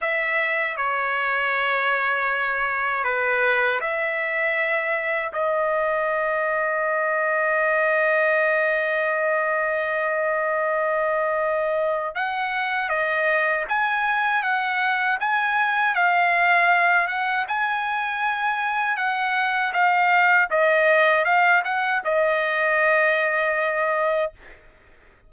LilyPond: \new Staff \with { instrumentName = "trumpet" } { \time 4/4 \tempo 4 = 79 e''4 cis''2. | b'4 e''2 dis''4~ | dis''1~ | dis''1 |
fis''4 dis''4 gis''4 fis''4 | gis''4 f''4. fis''8 gis''4~ | gis''4 fis''4 f''4 dis''4 | f''8 fis''8 dis''2. | }